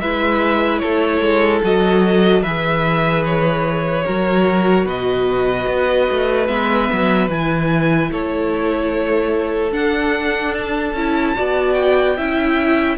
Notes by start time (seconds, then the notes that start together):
0.00 G#3 E4 B4 E5
0.79 A3 A4 C#5
1.21 G#3
1.63 F#3 F#4 D#5
2.42 E3 G#4 B4 E5
3.25 C#5
4.05 F#3 F#4 A#4
4.85 B2 B4 D#5
5.67 B3
6.10 A3
6.47 G#3 B3 E5
6.93 F#3
7.28 E3 E4 G#5
8.11 A3 A4 C#5
9.72 D4 F#5
10.54 A5
10.93 C#4 E4
11.35 B3 F#4 D5
11.73 G5
12.17 C#4 E4 E5